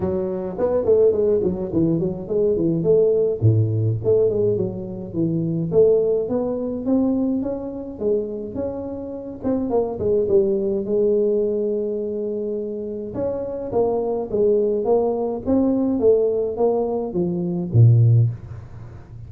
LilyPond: \new Staff \with { instrumentName = "tuba" } { \time 4/4 \tempo 4 = 105 fis4 b8 a8 gis8 fis8 e8 fis8 | gis8 e8 a4 a,4 a8 gis8 | fis4 e4 a4 b4 | c'4 cis'4 gis4 cis'4~ |
cis'8 c'8 ais8 gis8 g4 gis4~ | gis2. cis'4 | ais4 gis4 ais4 c'4 | a4 ais4 f4 ais,4 | }